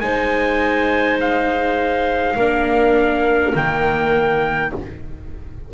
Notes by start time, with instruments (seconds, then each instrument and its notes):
0.00 double bass G#3, viola D#4, clarinet C5, trumpet G#5
1.21 trumpet F5
2.36 double bass A#3, viola D4, clarinet A#4
3.54 double bass D#3, viola A#3, trumpet G5